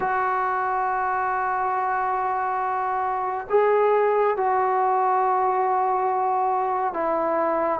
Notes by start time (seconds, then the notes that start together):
0.00 F#4
3.49 G#4
4.36 F#4
6.93 E4